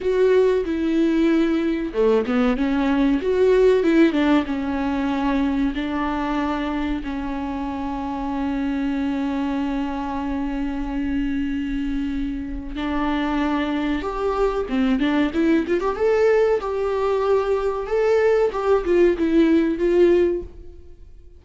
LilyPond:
\new Staff \with { instrumentName = "viola" } { \time 4/4 \tempo 4 = 94 fis'4 e'2 a8 b8 | cis'4 fis'4 e'8 d'8 cis'4~ | cis'4 d'2 cis'4~ | cis'1~ |
cis'1 | d'2 g'4 c'8 d'8 | e'8 f'16 g'16 a'4 g'2 | a'4 g'8 f'8 e'4 f'4 | }